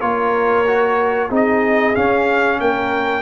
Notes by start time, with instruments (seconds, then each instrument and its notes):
0.00 tuba A#3, trombone F4, horn A#4, trumpet C#5
0.67 trombone F#4
1.29 tuba C4, trombone D#4, horn G#4
1.35 trumpet D#5
1.94 trombone C#4, tuba C#4, trumpet F5
2.60 tuba A#3, horn A#4, trumpet G5